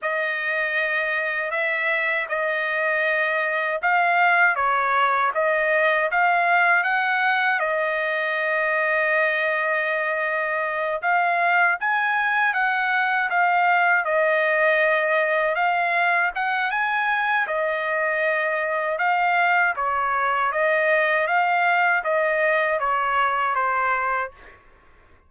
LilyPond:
\new Staff \with { instrumentName = "trumpet" } { \time 4/4 \tempo 4 = 79 dis''2 e''4 dis''4~ | dis''4 f''4 cis''4 dis''4 | f''4 fis''4 dis''2~ | dis''2~ dis''8 f''4 gis''8~ |
gis''8 fis''4 f''4 dis''4.~ | dis''8 f''4 fis''8 gis''4 dis''4~ | dis''4 f''4 cis''4 dis''4 | f''4 dis''4 cis''4 c''4 | }